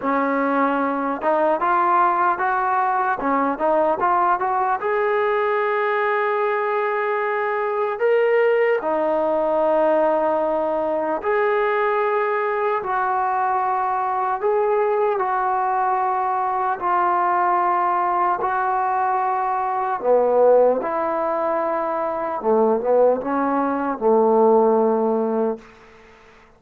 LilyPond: \new Staff \with { instrumentName = "trombone" } { \time 4/4 \tempo 4 = 75 cis'4. dis'8 f'4 fis'4 | cis'8 dis'8 f'8 fis'8 gis'2~ | gis'2 ais'4 dis'4~ | dis'2 gis'2 |
fis'2 gis'4 fis'4~ | fis'4 f'2 fis'4~ | fis'4 b4 e'2 | a8 b8 cis'4 a2 | }